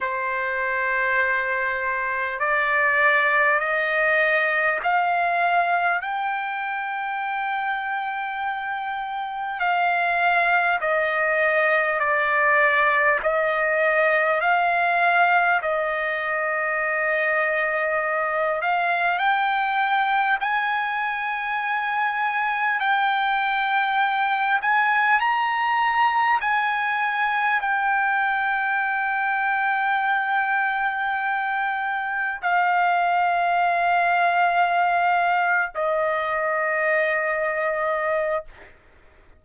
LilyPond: \new Staff \with { instrumentName = "trumpet" } { \time 4/4 \tempo 4 = 50 c''2 d''4 dis''4 | f''4 g''2. | f''4 dis''4 d''4 dis''4 | f''4 dis''2~ dis''8 f''8 |
g''4 gis''2 g''4~ | g''8 gis''8 ais''4 gis''4 g''4~ | g''2. f''4~ | f''4.~ f''16 dis''2~ dis''16 | }